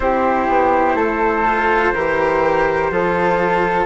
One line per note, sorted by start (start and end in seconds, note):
0.00 0.47 C4
0.00 1.45 E4
0.00 0.96 G4
0.00 3.84 C5
0.48 0.95 B3
0.95 1.91 A3
0.95 1.92 A4
1.45 1.94 F4
1.94 2.90 E3
1.94 2.91 G4
1.94 2.91 A#4
2.90 3.86 F3
2.90 3.86 F4
2.90 3.86 A4